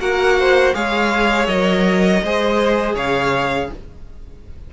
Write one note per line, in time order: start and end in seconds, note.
0.00 0.74 A#3
0.00 0.75 F#4
0.00 0.39 A#4
0.00 0.75 F#5
0.39 0.76 C5
0.75 1.48 G#3
0.75 1.48 G#4
0.75 2.24 C#5
0.75 1.47 F5
1.47 2.22 F#3
1.47 2.22 A#4
1.47 2.95 D#5
2.23 2.96 G#3
2.23 3.74 G#4
2.23 2.96 C5
2.96 3.70 C#3
2.96 3.70 C#5
2.96 3.71 F5